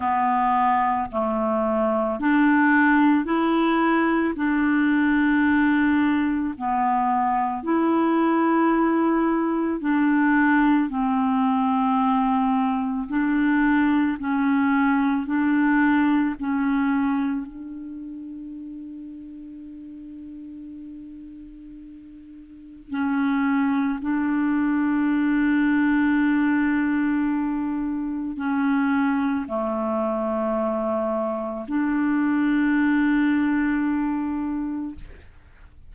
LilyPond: \new Staff \with { instrumentName = "clarinet" } { \time 4/4 \tempo 4 = 55 b4 a4 d'4 e'4 | d'2 b4 e'4~ | e'4 d'4 c'2 | d'4 cis'4 d'4 cis'4 |
d'1~ | d'4 cis'4 d'2~ | d'2 cis'4 a4~ | a4 d'2. | }